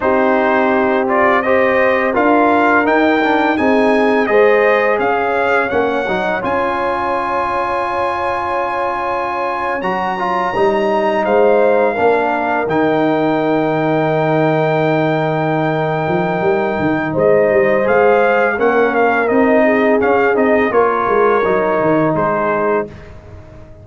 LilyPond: <<
  \new Staff \with { instrumentName = "trumpet" } { \time 4/4 \tempo 4 = 84 c''4. d''8 dis''4 f''4 | g''4 gis''4 dis''4 f''4 | fis''4 gis''2.~ | gis''4.~ gis''16 ais''2 f''16~ |
f''4.~ f''16 g''2~ g''16~ | g''1 | dis''4 f''4 fis''8 f''8 dis''4 | f''8 dis''8 cis''2 c''4 | }
  \new Staff \with { instrumentName = "horn" } { \time 4/4 g'2 c''4 ais'4~ | ais'4 gis'4 c''4 cis''4~ | cis''1~ | cis''2.~ cis''8. c''16~ |
c''8. ais'2.~ ais'16~ | ais'1 | c''2 ais'4. gis'8~ | gis'4 ais'2 gis'4 | }
  \new Staff \with { instrumentName = "trombone" } { \time 4/4 dis'4. f'8 g'4 f'4 | dis'8 d'8 dis'4 gis'2 | cis'8 dis'8 f'2.~ | f'4.~ f'16 fis'8 f'8 dis'4~ dis'16~ |
dis'8. d'4 dis'2~ dis'16~ | dis'1~ | dis'4 gis'4 cis'4 dis'4 | cis'8 dis'8 f'4 dis'2 | }
  \new Staff \with { instrumentName = "tuba" } { \time 4/4 c'2. d'4 | dis'4 c'4 gis4 cis'4 | ais8 fis8 cis'2.~ | cis'4.~ cis'16 fis4 g4 gis16~ |
gis8. ais4 dis2~ dis16~ | dis2~ dis8 f8 g8 dis8 | gis8 g8 gis4 ais4 c'4 | cis'8 c'8 ais8 gis8 fis8 dis8 gis4 | }
>>